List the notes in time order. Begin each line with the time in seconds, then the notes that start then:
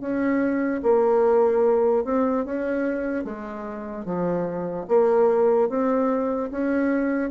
0.00 C#4
0.83 A#3
2.04 C4
2.45 C#4
3.24 G#3
4.05 F3
4.88 A#3
5.69 C4
6.51 C#4